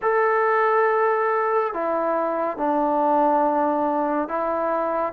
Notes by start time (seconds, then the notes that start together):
0.02 A4
1.73 E4
2.57 D4
4.28 E4